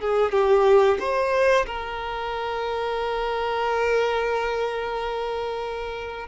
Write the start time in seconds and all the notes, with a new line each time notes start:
0.00 G#4
0.31 G4
1.00 C5
1.66 A#4